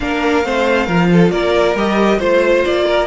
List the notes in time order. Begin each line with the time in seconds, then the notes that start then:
0.00 A#3 D4 A#4 F5
0.43 A3 C4 C5
0.86 F3 F4 A#4
1.12 A4
1.30 A#3 A#4 D5
1.75 G3 G4 D#5
2.18 A3 F4 C5
2.65 A#3 D5
2.86 A#4